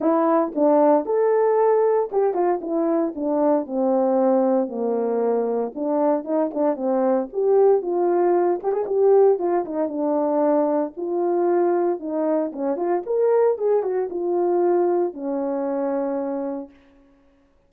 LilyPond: \new Staff \with { instrumentName = "horn" } { \time 4/4 \tempo 4 = 115 e'4 d'4 a'2 | g'8 f'8 e'4 d'4 c'4~ | c'4 ais2 d'4 | dis'8 d'8 c'4 g'4 f'4~ |
f'8 g'16 gis'16 g'4 f'8 dis'8 d'4~ | d'4 f'2 dis'4 | cis'8 f'8 ais'4 gis'8 fis'8 f'4~ | f'4 cis'2. | }